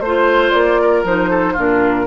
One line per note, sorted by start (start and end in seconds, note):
0.00 0.52 A3
0.00 0.51 C5
0.00 0.81 C5
0.06 1.06 F4
0.51 1.04 A#3
0.51 1.03 D5
0.81 1.30 A#4
1.04 1.55 F3
1.04 1.57 D#4
1.04 1.58 C5
1.30 1.53 A4
1.53 2.07 A#2
1.53 2.07 D4
1.53 2.05 F4
1.59 2.07 A#4